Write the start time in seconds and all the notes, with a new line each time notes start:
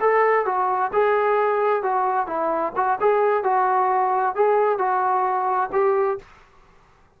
0.00 A4
0.45 F#4
0.92 G#4
1.82 F#4
2.27 E4
2.76 F#4
3.00 G#4
3.43 F#4
4.35 G#4
4.78 F#4
5.72 G4